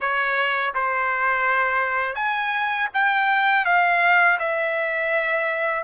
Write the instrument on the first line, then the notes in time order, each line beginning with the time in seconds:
trumpet
0.00 C#5
0.74 C5
2.15 G#5
2.93 G5
3.65 F5
4.39 E5